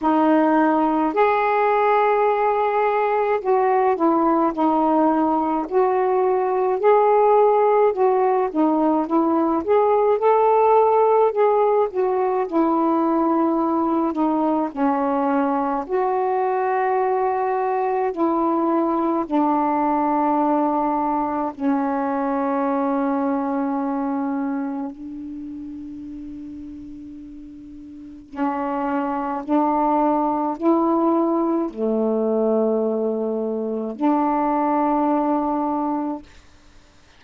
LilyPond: \new Staff \with { instrumentName = "saxophone" } { \time 4/4 \tempo 4 = 53 dis'4 gis'2 fis'8 e'8 | dis'4 fis'4 gis'4 fis'8 dis'8 | e'8 gis'8 a'4 gis'8 fis'8 e'4~ | e'8 dis'8 cis'4 fis'2 |
e'4 d'2 cis'4~ | cis'2 d'2~ | d'4 cis'4 d'4 e'4 | a2 d'2 | }